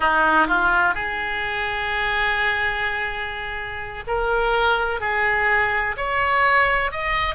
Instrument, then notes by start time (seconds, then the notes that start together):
oboe
0.00 D#4
0.47 F4
0.94 G#4
4.07 A#4
5.00 G#4
5.97 C#5
6.91 D#5